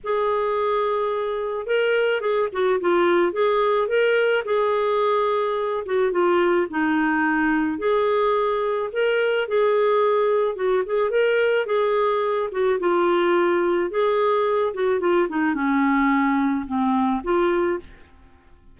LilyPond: \new Staff \with { instrumentName = "clarinet" } { \time 4/4 \tempo 4 = 108 gis'2. ais'4 | gis'8 fis'8 f'4 gis'4 ais'4 | gis'2~ gis'8 fis'8 f'4 | dis'2 gis'2 |
ais'4 gis'2 fis'8 gis'8 | ais'4 gis'4. fis'8 f'4~ | f'4 gis'4. fis'8 f'8 dis'8 | cis'2 c'4 f'4 | }